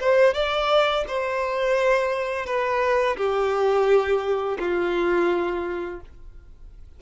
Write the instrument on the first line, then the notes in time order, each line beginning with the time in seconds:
violin
0.00 C5
0.34 D5
1.08 C5
2.46 B4
3.17 G4
4.59 F4